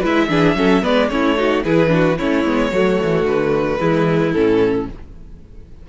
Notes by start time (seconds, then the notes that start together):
0.00 G#3 E4 B4 E5
0.29 E3 D4 G#4
0.55 F#3 C#4 A4
0.82 G#3 B3 B4 D5
1.09 A3 C#4 E4 C#5
1.37 D#4 F#4
1.64 E3 E4 G#4 B4
1.88 D4 F#4
2.18 A3 C#4 E4 C#5
2.44 G#3 B3
2.71 F#3 A3 F#4
3.03 E3
3.24 D3 B4
3.79 E3 G#3 E4
4.32 A2 C#4 A4